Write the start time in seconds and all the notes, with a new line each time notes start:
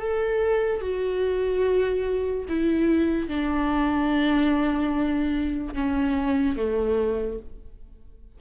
0.00 A4
0.81 F#4
2.48 E4
3.28 D4
5.74 C#4
6.57 A3